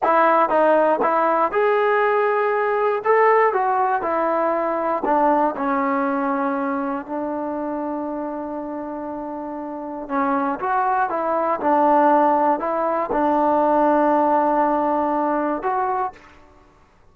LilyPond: \new Staff \with { instrumentName = "trombone" } { \time 4/4 \tempo 4 = 119 e'4 dis'4 e'4 gis'4~ | gis'2 a'4 fis'4 | e'2 d'4 cis'4~ | cis'2 d'2~ |
d'1 | cis'4 fis'4 e'4 d'4~ | d'4 e'4 d'2~ | d'2. fis'4 | }